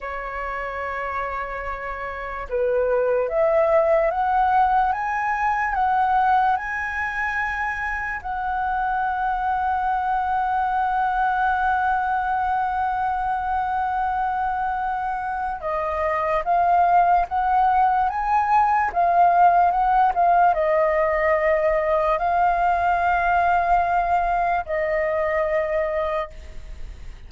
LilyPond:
\new Staff \with { instrumentName = "flute" } { \time 4/4 \tempo 4 = 73 cis''2. b'4 | e''4 fis''4 gis''4 fis''4 | gis''2 fis''2~ | fis''1~ |
fis''2. dis''4 | f''4 fis''4 gis''4 f''4 | fis''8 f''8 dis''2 f''4~ | f''2 dis''2 | }